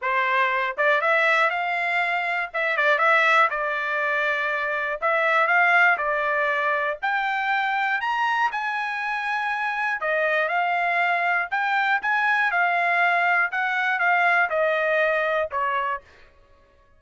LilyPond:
\new Staff \with { instrumentName = "trumpet" } { \time 4/4 \tempo 4 = 120 c''4. d''8 e''4 f''4~ | f''4 e''8 d''8 e''4 d''4~ | d''2 e''4 f''4 | d''2 g''2 |
ais''4 gis''2. | dis''4 f''2 g''4 | gis''4 f''2 fis''4 | f''4 dis''2 cis''4 | }